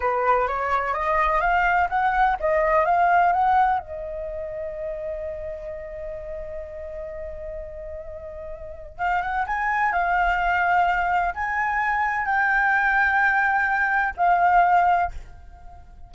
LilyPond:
\new Staff \with { instrumentName = "flute" } { \time 4/4 \tempo 4 = 127 b'4 cis''4 dis''4 f''4 | fis''4 dis''4 f''4 fis''4 | dis''1~ | dis''1~ |
dis''2. f''8 fis''8 | gis''4 f''2. | gis''2 g''2~ | g''2 f''2 | }